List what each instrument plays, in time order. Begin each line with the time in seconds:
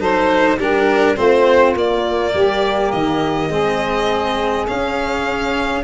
0.00 tuba F#3, cello D#4, saxophone A4, violin C5
0.58 tuba G3, cello D4, saxophone G4, violin A#4
1.15 tuba A3, cello C4, saxophone F4, violin C5
1.75 tuba A#3, cello A#3, violin D5
2.34 tuba G3, saxophone G4
2.92 tuba D#3, violin D#5
3.50 tuba G#3, cello C4, saxophone G#4
4.68 cello C#4, tuba C#4, violin F5